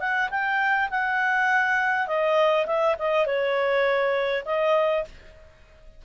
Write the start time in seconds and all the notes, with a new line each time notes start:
0.00 F#5
0.30 G5
0.91 F#5
2.07 D#5
2.67 E5
2.99 D#5
3.26 C#5
4.46 D#5